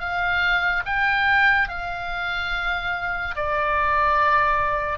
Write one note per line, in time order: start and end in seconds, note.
0.00 0.83 F5
0.86 1.69 G5
1.69 3.36 F5
3.36 4.99 D5